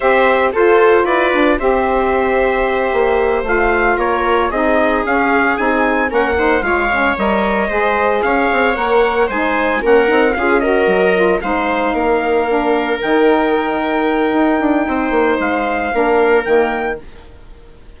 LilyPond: <<
  \new Staff \with { instrumentName = "trumpet" } { \time 4/4 \tempo 4 = 113 e''4 c''4 d''4 e''4~ | e''2~ e''8 f''4 cis''8~ | cis''8 dis''4 f''4 gis''4 fis''8~ | fis''8 f''4 dis''2 f''8~ |
f''8 fis''4 gis''4 fis''4 f''8 | dis''4. f''2~ f''8~ | f''8 g''2.~ g''8~ | g''4 f''2 g''4 | }
  \new Staff \with { instrumentName = "viola" } { \time 4/4 c''4 a'4 b'4 c''4~ | c''2.~ c''8 ais'8~ | ais'8 gis'2. ais'8 | c''8 cis''2 c''4 cis''8~ |
cis''4. c''4 ais'4 gis'8 | ais'4. c''4 ais'4.~ | ais'1 | c''2 ais'2 | }
  \new Staff \with { instrumentName = "saxophone" } { \time 4/4 g'4 f'2 g'4~ | g'2~ g'8 f'4.~ | f'8 dis'4 cis'4 dis'4 cis'8 | dis'8 f'8 cis'8 ais'4 gis'4.~ |
gis'8 ais'4 dis'4 cis'8 dis'8 f'8 | fis'4 f'8 dis'2 d'8~ | d'8 dis'2.~ dis'8~ | dis'2 d'4 ais4 | }
  \new Staff \with { instrumentName = "bassoon" } { \time 4/4 c'4 f'4 e'8 d'8 c'4~ | c'4. ais4 a4 ais8~ | ais8 c'4 cis'4 c'4 ais8~ | ais8 gis4 g4 gis4 cis'8 |
c'8 ais4 gis4 ais8 c'8 cis'8~ | cis'8 fis4 gis4 ais4.~ | ais8 dis2~ dis8 dis'8 d'8 | c'8 ais8 gis4 ais4 dis4 | }
>>